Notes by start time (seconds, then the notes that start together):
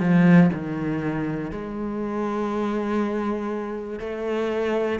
0.00 F3
0.53 D#3
1.51 G#3
4.00 A3